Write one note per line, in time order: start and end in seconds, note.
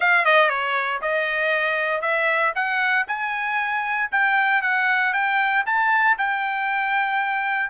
0.00 0.25 F5
0.25 0.49 D#5
0.49 1.00 C#5
1.01 2.01 D#5
2.01 2.52 E5
2.55 3.06 F#5
3.07 4.10 G#5
4.11 4.62 G5
4.62 5.13 F#5
5.13 5.64 G5
5.65 6.17 A5
6.18 7.70 G5